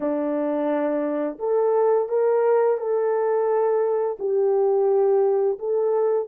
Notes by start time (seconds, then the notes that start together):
0.00 D4
1.39 A4
2.08 A#4
2.77 A4
4.19 G4
5.58 A4